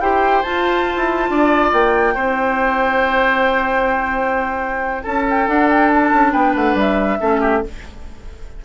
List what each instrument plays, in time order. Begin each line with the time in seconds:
0.00 bassoon E4, clarinet G4, oboe C5, flute G5
0.43 clarinet F4, bassoon F4, flute A5
0.97 bassoon E4
1.30 bassoon D4, oboe D5
1.73 bassoon A#3, flute G5
2.15 bassoon C4, clarinet E4, oboe C5
5.03 bassoon C#4, oboe A4, flute A5
5.30 flute G5
5.48 bassoon D4, clarinet D4, flute F#5
5.70 flute G5
5.92 flute A5
6.12 bassoon C#4
6.33 bassoon B3, oboe B4, flute G5
6.56 bassoon A3, flute F#5
6.75 bassoon G3, flute E5
7.21 bassoon A3, clarinet C#4, oboe A4
7.41 oboe G4